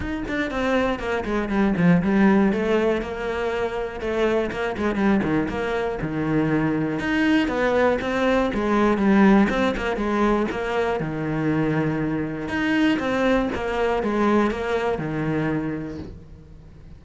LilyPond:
\new Staff \with { instrumentName = "cello" } { \time 4/4 \tempo 4 = 120 dis'8 d'8 c'4 ais8 gis8 g8 f8 | g4 a4 ais2 | a4 ais8 gis8 g8 dis8 ais4 | dis2 dis'4 b4 |
c'4 gis4 g4 c'8 ais8 | gis4 ais4 dis2~ | dis4 dis'4 c'4 ais4 | gis4 ais4 dis2 | }